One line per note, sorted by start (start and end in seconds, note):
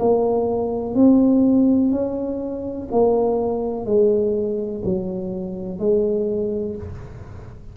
0.00 0.95 A#3
0.95 1.92 C4
1.92 2.89 C#4
2.92 3.86 A#3
3.86 4.83 G#3
4.85 5.79 F#3
5.79 6.76 G#3